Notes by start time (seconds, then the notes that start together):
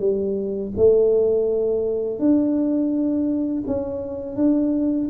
0.00 G3
0.77 A3
2.19 D4
3.67 C#4
4.36 D4